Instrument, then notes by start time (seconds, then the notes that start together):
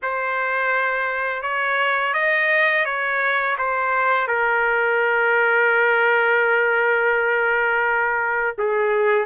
trumpet
0.02 C5
1.42 C#5
2.13 D#5
2.85 C#5
3.58 C5
4.27 A#4
8.57 G#4